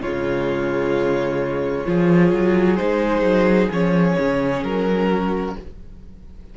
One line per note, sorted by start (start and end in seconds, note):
0.00 1.85 C#3
0.00 1.86 G#3
0.00 1.87 F4
0.00 2.76 C#5
1.86 2.33 F3
1.86 2.78 F4
1.86 5.08 G#4
2.33 2.79 F#3
2.76 3.22 G#3
2.76 3.70 D#4
2.76 3.68 C5
3.22 3.68 F#3
3.71 4.17 F3
3.71 5.57 C#4
3.71 4.63 C#5
4.19 4.63 C#3
4.63 5.56 F#3
4.63 5.56 A#4
5.08 5.54 F#4